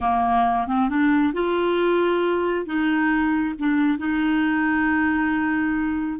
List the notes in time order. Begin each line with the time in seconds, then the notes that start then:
0.00 A#3
0.67 C4
0.89 D4
1.33 F4
2.66 D#4
3.58 D4
3.98 D#4